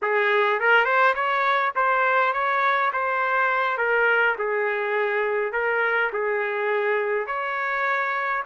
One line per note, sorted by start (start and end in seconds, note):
0.02 0.60 G#4
0.60 0.84 A#4
0.84 1.14 C5
1.15 1.73 C#5
1.75 2.33 C5
2.33 2.91 C#5
2.92 3.77 C5
3.77 4.36 A#4
4.38 5.52 G#4
5.52 6.10 A#4
6.12 7.26 G#4
7.26 8.43 C#5